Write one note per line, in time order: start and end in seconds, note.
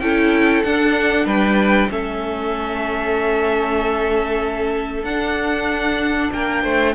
0.00 0.63 C#4
0.00 0.65 E4
0.00 1.26 A4
0.00 0.63 G5
0.63 1.89 D4
0.63 1.26 D4
0.63 1.26 F#5
1.26 1.89 G3
1.26 1.89 B4
1.26 1.91 G5
1.89 5.04 A3
1.89 5.05 C#4
1.89 6.34 A4
1.89 5.05 E5
5.04 6.30 D4
5.04 6.95 D4
5.04 6.31 F#5
6.33 6.64 A#3
6.33 6.64 A#4
6.33 6.95 G5
6.64 6.95 A3
6.64 6.95 C5